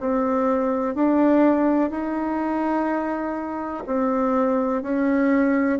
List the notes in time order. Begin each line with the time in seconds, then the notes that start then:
0.00 C4
0.95 D4
1.90 D#4
3.87 C4
4.83 C#4